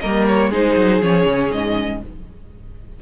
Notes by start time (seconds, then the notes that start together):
0.00 G3 A#3 A#4 D#5
0.27 C#5
0.49 G#3 D#4 G#4 C5
0.76 F#3
1.01 F3 C#4 C#5
1.25 C#3
1.51 G#2 D#5